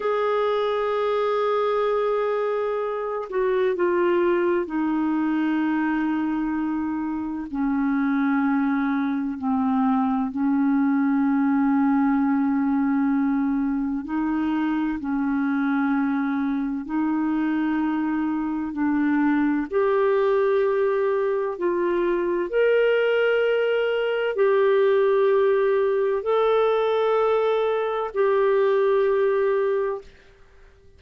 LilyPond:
\new Staff \with { instrumentName = "clarinet" } { \time 4/4 \tempo 4 = 64 gis'2.~ gis'8 fis'8 | f'4 dis'2. | cis'2 c'4 cis'4~ | cis'2. dis'4 |
cis'2 dis'2 | d'4 g'2 f'4 | ais'2 g'2 | a'2 g'2 | }